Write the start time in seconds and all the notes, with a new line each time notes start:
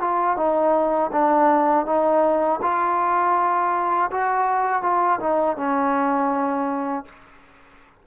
0.00 F4
0.36 D#4
1.12 D4
1.86 D#4
2.62 F4
4.11 F#4
4.82 F4
5.20 D#4
5.57 C#4